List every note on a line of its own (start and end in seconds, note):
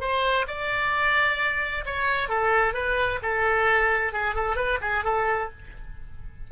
0.00 0.46 C5
0.47 1.85 D5
1.85 2.28 C#5
2.28 2.74 A4
2.74 3.19 B4
3.22 4.12 A4
4.12 4.34 G#4
4.34 4.56 A4
4.56 4.79 B4
4.81 5.04 G#4
5.04 5.50 A4